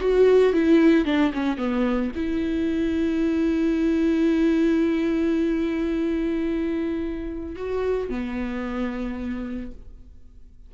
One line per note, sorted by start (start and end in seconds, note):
0.00 0.53 F#4
0.53 1.05 E4
1.05 1.32 D4
1.33 1.57 C#4
1.57 2.11 B3
2.15 7.55 E4
7.55 8.09 F#4
8.09 9.71 B3